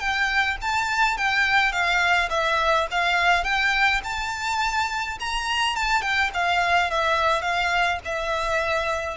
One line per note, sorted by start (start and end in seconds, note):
0.00 0.57 G5
0.62 1.18 A5
1.18 1.72 G5
1.72 2.29 F5
2.30 2.87 E5
2.91 3.44 F5
3.44 4.01 G5
4.04 5.18 A5
5.20 5.76 A#5
5.76 6.02 A5
6.02 6.31 G5
6.34 6.91 F5
6.91 7.42 E5
7.42 7.99 F5
8.05 9.17 E5